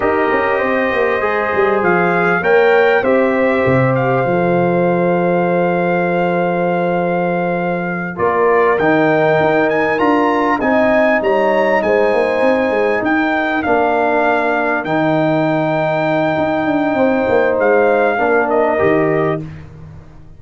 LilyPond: <<
  \new Staff \with { instrumentName = "trumpet" } { \time 4/4 \tempo 4 = 99 dis''2. f''4 | g''4 e''4. f''4.~ | f''1~ | f''4. d''4 g''4. |
gis''8 ais''4 gis''4 ais''4 gis''8~ | gis''4. g''4 f''4.~ | f''8 g''2.~ g''8~ | g''4 f''4. dis''4. | }
  \new Staff \with { instrumentName = "horn" } { \time 4/4 ais'4 c''2. | cis''4 c''2.~ | c''1~ | c''4. ais'2~ ais'8~ |
ais'4. dis''4 cis''4 c''8~ | c''4. ais'2~ ais'8~ | ais'1 | c''2 ais'2 | }
  \new Staff \with { instrumentName = "trombone" } { \time 4/4 g'2 gis'2 | ais'4 g'2 a'4~ | a'1~ | a'4. f'4 dis'4.~ |
dis'8 f'4 dis'2~ dis'8~ | dis'2~ dis'8 d'4.~ | d'8 dis'2.~ dis'8~ | dis'2 d'4 g'4 | }
  \new Staff \with { instrumentName = "tuba" } { \time 4/4 dis'8 cis'8 c'8 ais8 gis8 g8 f4 | ais4 c'4 c4 f4~ | f1~ | f4. ais4 dis4 dis'8~ |
dis'8 d'4 c'4 g4 gis8 | ais8 c'8 gis8 dis'4 ais4.~ | ais8 dis2~ dis8 dis'8 d'8 | c'8 ais8 gis4 ais4 dis4 | }
>>